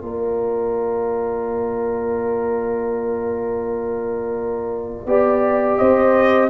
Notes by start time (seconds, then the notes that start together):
0.00 A#3 F4 A#4 D5
5.06 B3 G4 D5
5.77 C4 C5 D#5